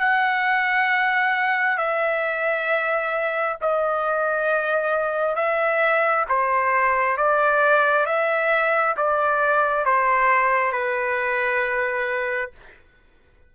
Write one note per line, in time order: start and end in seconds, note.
0.00 1.78 F#5
1.78 3.57 E5
3.61 5.36 D#5
5.36 6.25 E5
6.29 7.17 C5
7.17 8.06 D5
8.06 8.96 E5
8.97 9.85 D5
9.85 10.72 C5
10.72 12.51 B4